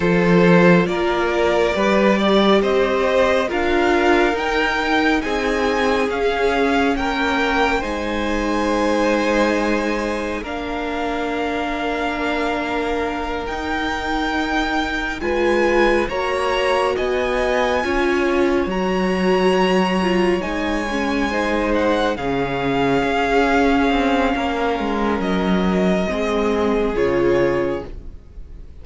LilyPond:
<<
  \new Staff \with { instrumentName = "violin" } { \time 4/4 \tempo 4 = 69 c''4 d''2 dis''4 | f''4 g''4 gis''4 f''4 | g''4 gis''2. | f''2.~ f''8 g''8~ |
g''4. gis''4 ais''4 gis''8~ | gis''4. ais''2 gis''8~ | gis''4 fis''8 f''2~ f''8~ | f''4 dis''2 cis''4 | }
  \new Staff \with { instrumentName = "violin" } { \time 4/4 a'4 ais'4 b'8 d''8 c''4 | ais'2 gis'2 | ais'4 c''2. | ais'1~ |
ais'4. b'4 cis''4 dis''8~ | dis''8 cis''2.~ cis''8~ | cis''8 c''4 gis'2~ gis'8 | ais'2 gis'2 | }
  \new Staff \with { instrumentName = "viola" } { \time 4/4 f'2 g'2 | f'4 dis'2 cis'4~ | cis'4 dis'2. | d'2.~ d'8 dis'8~ |
dis'4. f'4 fis'4.~ | fis'8 f'4 fis'4. f'8 dis'8 | cis'8 dis'4 cis'2~ cis'8~ | cis'2 c'4 f'4 | }
  \new Staff \with { instrumentName = "cello" } { \time 4/4 f4 ais4 g4 c'4 | d'4 dis'4 c'4 cis'4 | ais4 gis2. | ais2.~ ais8 dis'8~ |
dis'4. gis4 ais4 b8~ | b8 cis'4 fis2 gis8~ | gis4. cis4 cis'4 c'8 | ais8 gis8 fis4 gis4 cis4 | }
>>